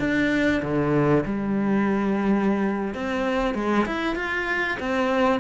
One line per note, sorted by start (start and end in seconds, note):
0.00 0.62 D4
0.63 1.25 D3
1.26 2.95 G3
2.95 3.55 C4
3.55 3.86 G#3
3.86 4.16 E4
4.16 4.78 F4
4.80 5.41 C4